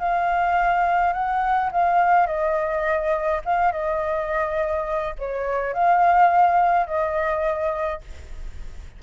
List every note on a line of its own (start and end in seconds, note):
0.00 1.14 F5
1.14 1.71 F#5
1.72 2.27 F5
2.27 3.42 D#5
3.46 3.72 F5
3.72 5.15 D#5
5.19 5.74 C#5
5.74 6.87 F5
6.87 8.02 D#5